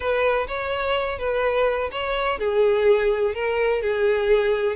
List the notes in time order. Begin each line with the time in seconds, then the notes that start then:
0.00 B4
0.47 C#5
1.18 B4
1.91 C#5
2.39 G#4
3.34 A#4
3.82 G#4